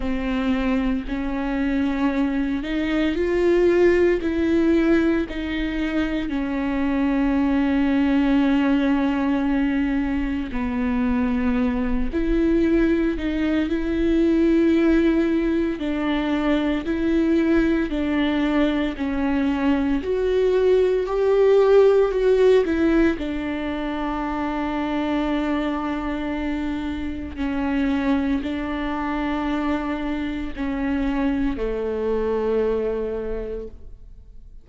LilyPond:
\new Staff \with { instrumentName = "viola" } { \time 4/4 \tempo 4 = 57 c'4 cis'4. dis'8 f'4 | e'4 dis'4 cis'2~ | cis'2 b4. e'8~ | e'8 dis'8 e'2 d'4 |
e'4 d'4 cis'4 fis'4 | g'4 fis'8 e'8 d'2~ | d'2 cis'4 d'4~ | d'4 cis'4 a2 | }